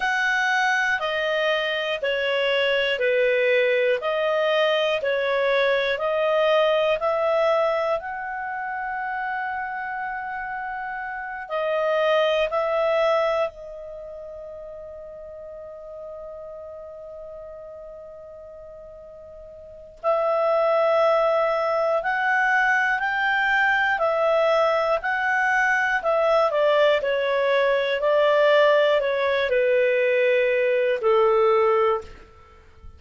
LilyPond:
\new Staff \with { instrumentName = "clarinet" } { \time 4/4 \tempo 4 = 60 fis''4 dis''4 cis''4 b'4 | dis''4 cis''4 dis''4 e''4 | fis''2.~ fis''8 dis''8~ | dis''8 e''4 dis''2~ dis''8~ |
dis''1 | e''2 fis''4 g''4 | e''4 fis''4 e''8 d''8 cis''4 | d''4 cis''8 b'4. a'4 | }